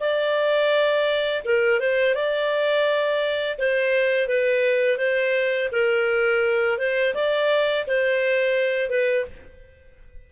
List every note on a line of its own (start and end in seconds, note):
0.00 1.43 D5
1.45 1.80 A#4
1.80 2.15 C5
2.15 3.58 D5
3.58 4.28 C5
4.28 4.98 B4
4.98 5.69 C5
5.72 6.78 A#4
6.78 7.14 C5
7.14 7.86 D5
7.87 8.90 C5
8.90 9.25 B4